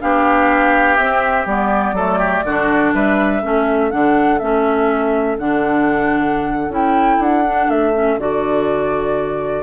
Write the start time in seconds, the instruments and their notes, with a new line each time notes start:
0.00 bassoon B3, clarinet D4, oboe G4, flute F5
0.97 bassoon C4, clarinet C4, flute E5
1.46 bassoon G3, clarinet B3, flute D5
1.92 bassoon F#3, clarinet A3, oboe A4
2.19 oboe G4
2.44 bassoon D3, clarinet D4, oboe F#4
2.94 bassoon G3, oboe B4, flute E5
3.42 bassoon A3, clarinet C#4, oboe A4
3.91 bassoon D3, clarinet D4, flute F#5
4.39 bassoon A3, clarinet C#4, flute E5
5.38 bassoon D3, clarinet D4, flute F#5
6.69 bassoon C#4, clarinet E4, flute G5
7.19 bassoon D4, flute F#5
7.45 clarinet D4
7.69 bassoon A3, flute E5
7.94 clarinet C#4
8.18 bassoon D3, clarinet F#4, flute D5